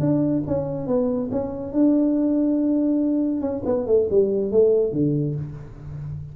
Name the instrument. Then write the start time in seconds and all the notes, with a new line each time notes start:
tuba
0.00 D4
0.47 C#4
0.87 B3
1.31 C#4
1.73 D4
3.41 C#4
3.65 B3
3.87 A3
4.10 G3
4.51 A3
4.92 D3